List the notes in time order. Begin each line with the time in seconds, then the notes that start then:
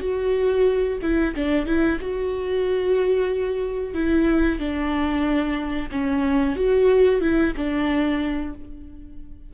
0.00 F#4
1.02 E4
1.35 D4
1.66 E4
2.00 F#4
3.94 E4
4.59 D4
5.91 C#4
6.55 F#4
7.20 E4
7.56 D4